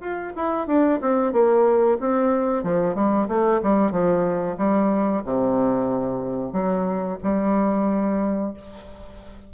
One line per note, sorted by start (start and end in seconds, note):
0.00 0.33 F4
0.36 0.67 E4
0.67 0.99 D4
1.01 1.32 C4
1.32 1.97 A#3
2.00 2.63 C4
2.63 2.95 F3
2.95 3.28 G3
3.28 3.61 A3
3.63 3.91 G3
3.91 4.57 F3
4.57 5.23 G3
5.24 6.52 C3
6.52 7.18 F#3
7.23 8.53 G3